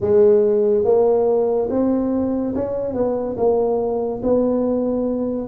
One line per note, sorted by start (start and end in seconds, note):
0.00 0.84 G#3
0.84 1.69 A#3
1.69 2.54 C4
2.55 2.93 C#4
2.93 3.36 B3
3.37 4.21 A#3
4.23 5.47 B3